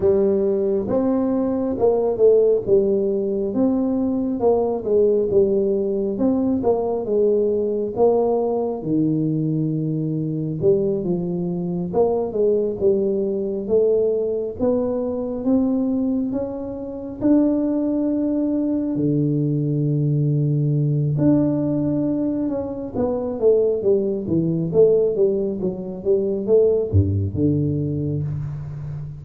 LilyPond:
\new Staff \with { instrumentName = "tuba" } { \time 4/4 \tempo 4 = 68 g4 c'4 ais8 a8 g4 | c'4 ais8 gis8 g4 c'8 ais8 | gis4 ais4 dis2 | g8 f4 ais8 gis8 g4 a8~ |
a8 b4 c'4 cis'4 d'8~ | d'4. d2~ d8 | d'4. cis'8 b8 a8 g8 e8 | a8 g8 fis8 g8 a8 g,8 d4 | }